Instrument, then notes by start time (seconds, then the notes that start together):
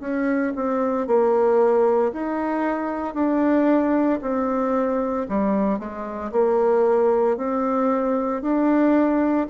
bassoon
0.00 C#4
0.56 C4
1.07 A#3
2.12 D#4
3.14 D4
4.21 C4
5.29 G3
5.79 G#3
6.32 A#3
7.37 C4
8.42 D4